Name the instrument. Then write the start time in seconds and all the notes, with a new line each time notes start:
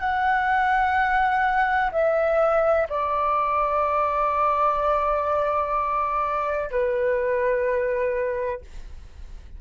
flute
0.00 F#5
1.92 E5
2.89 D5
6.71 B4